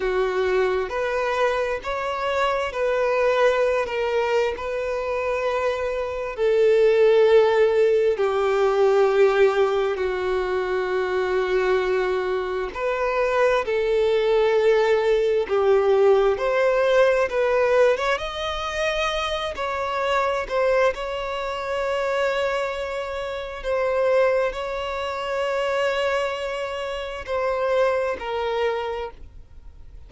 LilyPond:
\new Staff \with { instrumentName = "violin" } { \time 4/4 \tempo 4 = 66 fis'4 b'4 cis''4 b'4~ | b'16 ais'8. b'2 a'4~ | a'4 g'2 fis'4~ | fis'2 b'4 a'4~ |
a'4 g'4 c''4 b'8. cis''16 | dis''4. cis''4 c''8 cis''4~ | cis''2 c''4 cis''4~ | cis''2 c''4 ais'4 | }